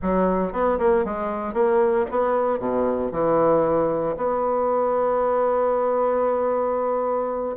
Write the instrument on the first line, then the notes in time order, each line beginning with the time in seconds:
bassoon
0.02 F#3
0.52 B3
0.78 A#3
1.04 G#3
1.53 A#3
2.11 B3
2.59 B2
3.11 E3
4.16 B3